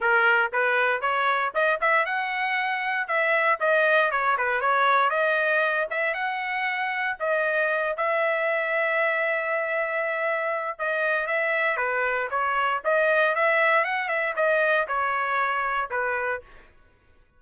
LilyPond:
\new Staff \with { instrumentName = "trumpet" } { \time 4/4 \tempo 4 = 117 ais'4 b'4 cis''4 dis''8 e''8 | fis''2 e''4 dis''4 | cis''8 b'8 cis''4 dis''4. e''8 | fis''2 dis''4. e''8~ |
e''1~ | e''4 dis''4 e''4 b'4 | cis''4 dis''4 e''4 fis''8 e''8 | dis''4 cis''2 b'4 | }